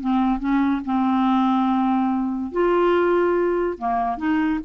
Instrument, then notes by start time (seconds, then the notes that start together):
clarinet
0.00 C4
0.39 C#4
0.85 C4
2.52 F4
3.78 A#3
4.17 D#4